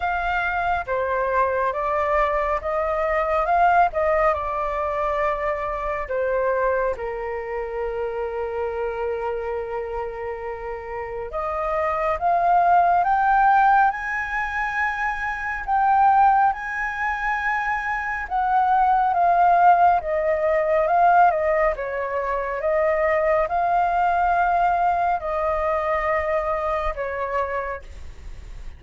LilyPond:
\new Staff \with { instrumentName = "flute" } { \time 4/4 \tempo 4 = 69 f''4 c''4 d''4 dis''4 | f''8 dis''8 d''2 c''4 | ais'1~ | ais'4 dis''4 f''4 g''4 |
gis''2 g''4 gis''4~ | gis''4 fis''4 f''4 dis''4 | f''8 dis''8 cis''4 dis''4 f''4~ | f''4 dis''2 cis''4 | }